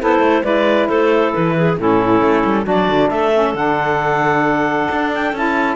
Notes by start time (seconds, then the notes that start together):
0.00 B3 E4 A4 C5
0.19 A3
0.41 G#3 E4 B4 D5
0.88 A3 A4 C5
1.33 E3 B4
1.56 G#4
1.78 A2 C#4 E4 A4
2.21 A3
2.44 G3
2.63 F#3 D4 F#4 D5
2.88 D3
3.09 A3 A4 E5
3.33 C#4
3.54 D3 D4 F#5
4.91 D4
5.14 G5
5.32 C#4 E4 A5